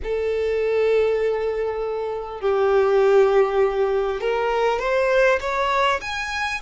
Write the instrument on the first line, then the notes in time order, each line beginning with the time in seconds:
violin
0.03 A4
2.40 G4
4.21 A#4
4.79 C5
5.40 C#5
6.01 G#5